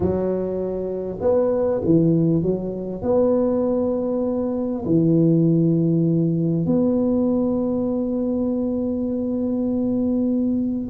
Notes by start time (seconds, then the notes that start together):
0.00 F#3
1.20 B3
1.84 E3
2.42 F#3
3.02 B3
4.85 E3
6.66 B3